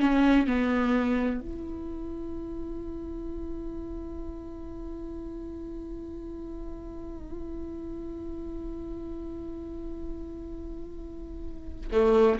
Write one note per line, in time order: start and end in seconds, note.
0.00 0.47 C#4
0.47 1.40 B3
1.40 11.88 E4
11.91 12.39 A3